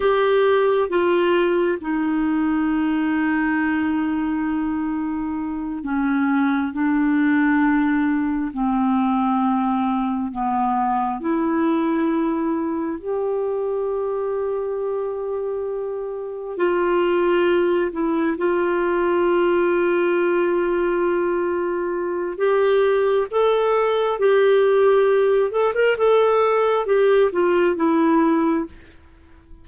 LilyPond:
\new Staff \with { instrumentName = "clarinet" } { \time 4/4 \tempo 4 = 67 g'4 f'4 dis'2~ | dis'2~ dis'8 cis'4 d'8~ | d'4. c'2 b8~ | b8 e'2 g'4.~ |
g'2~ g'8 f'4. | e'8 f'2.~ f'8~ | f'4 g'4 a'4 g'4~ | g'8 a'16 ais'16 a'4 g'8 f'8 e'4 | }